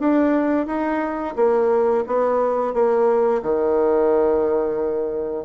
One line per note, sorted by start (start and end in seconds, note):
0.00 0.67 D4
0.67 1.35 D#4
1.36 2.05 A#3
2.07 2.74 B3
2.74 3.42 A#3
3.43 5.45 D#3